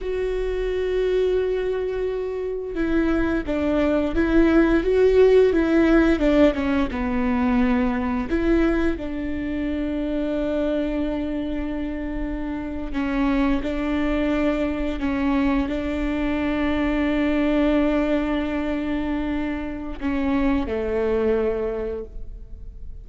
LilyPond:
\new Staff \with { instrumentName = "viola" } { \time 4/4 \tempo 4 = 87 fis'1 | e'4 d'4 e'4 fis'4 | e'4 d'8 cis'8 b2 | e'4 d'2.~ |
d'2~ d'8. cis'4 d'16~ | d'4.~ d'16 cis'4 d'4~ d'16~ | d'1~ | d'4 cis'4 a2 | }